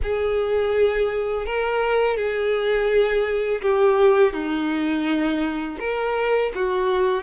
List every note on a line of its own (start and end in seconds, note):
0.02 1.46 G#4
1.46 2.16 A#4
2.16 3.61 G#4
3.61 4.33 G4
4.33 5.78 D#4
5.79 6.52 A#4
6.54 7.23 F#4